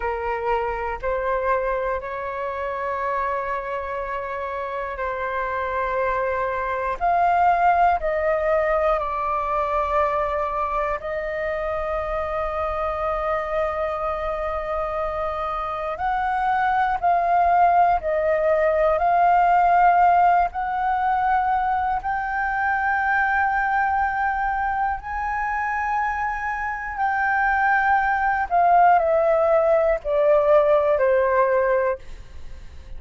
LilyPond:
\new Staff \with { instrumentName = "flute" } { \time 4/4 \tempo 4 = 60 ais'4 c''4 cis''2~ | cis''4 c''2 f''4 | dis''4 d''2 dis''4~ | dis''1 |
fis''4 f''4 dis''4 f''4~ | f''8 fis''4. g''2~ | g''4 gis''2 g''4~ | g''8 f''8 e''4 d''4 c''4 | }